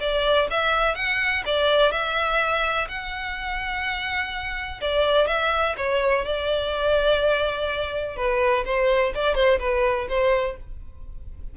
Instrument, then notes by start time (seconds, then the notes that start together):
violin
0.00 D5
0.50 E5
0.95 F#5
1.46 D5
1.92 E5
2.88 F#5
4.81 D5
5.27 E5
5.77 C#5
6.25 D5
8.16 B4
8.65 C5
9.15 D5
9.35 C5
9.60 B4
10.09 C5